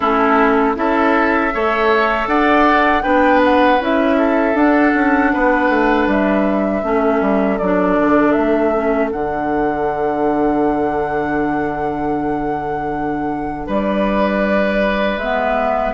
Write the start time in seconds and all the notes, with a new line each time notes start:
0.00 A3 C#4 E4 A4
0.75 C#4 E4 A4 E5
1.53 A3 A4 C#5
2.27 D4 D5 F#5
3.02 B3 D4 B4 G5
3.44 F#5
3.79 C#4 E4 E5
4.18 A4
4.54 D4 F#5
4.94 C#4
5.33 B3 B4
5.69 A3
6.06 G3 E5
6.82 A3 C#4 A4
7.21 G3
7.58 F#3 D4 D5
8.00 D3
8.31 A3 E5
8.74 C#4
9.10 D3 D4 F#5
13.66 G3 B4 D5
15.17 G#3 B3 E5